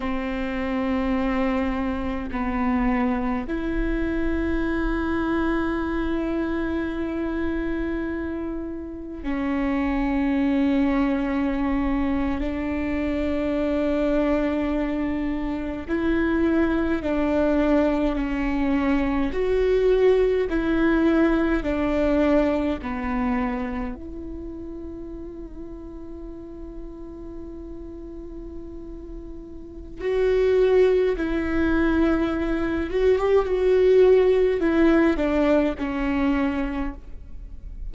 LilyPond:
\new Staff \with { instrumentName = "viola" } { \time 4/4 \tempo 4 = 52 c'2 b4 e'4~ | e'1 | cis'2~ cis'8. d'4~ d'16~ | d'4.~ d'16 e'4 d'4 cis'16~ |
cis'8. fis'4 e'4 d'4 b16~ | b8. e'2.~ e'16~ | e'2 fis'4 e'4~ | e'8 fis'16 g'16 fis'4 e'8 d'8 cis'4 | }